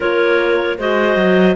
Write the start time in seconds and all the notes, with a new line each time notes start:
0.00 A#3 F4 A#4 C#5
0.78 G#3 F#4 C5 D#5
1.16 F#3